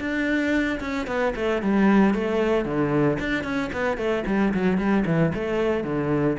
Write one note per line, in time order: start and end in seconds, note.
0.00 0.80 D4
0.81 1.07 C#4
1.08 1.34 B3
1.36 1.62 A3
1.62 2.15 G3
2.15 2.65 A3
2.65 3.18 D3
3.20 3.44 D4
3.44 3.71 C#4
3.73 3.98 B3
3.98 4.24 A3
4.27 4.54 G3
4.54 4.78 F#3
4.78 5.05 G3
5.06 5.33 E3
5.35 5.84 A3
5.84 6.37 D3